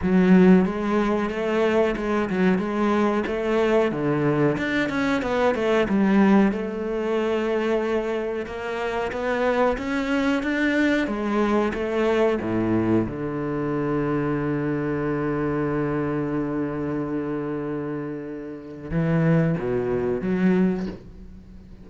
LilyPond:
\new Staff \with { instrumentName = "cello" } { \time 4/4 \tempo 4 = 92 fis4 gis4 a4 gis8 fis8 | gis4 a4 d4 d'8 cis'8 | b8 a8 g4 a2~ | a4 ais4 b4 cis'4 |
d'4 gis4 a4 a,4 | d1~ | d1~ | d4 e4 b,4 fis4 | }